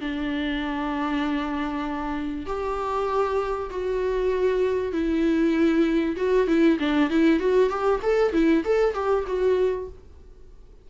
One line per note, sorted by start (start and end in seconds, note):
0.00 2.46 D4
2.46 3.69 G4
3.70 4.92 F#4
4.92 6.16 E4
6.16 6.47 F#4
6.47 6.78 E4
6.79 7.10 D4
7.10 7.39 E4
7.39 7.69 F#4
7.69 8.00 G4
8.02 8.33 A4
8.33 8.63 E4
8.64 8.94 A4
8.94 9.24 G4
9.26 9.88 F#4